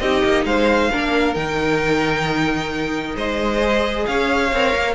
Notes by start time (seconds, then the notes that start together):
0.00 C4 D#4 G4 D#5
0.24 A#3
0.45 G#3 C5 F5
0.91 A#3 D4 A#4
1.35 D#3 D#4 G5
3.15 G#3 C5 D#5
3.61 G#4
4.07 C#4 C#5 F5
4.53 C4 A#4
4.76 A#3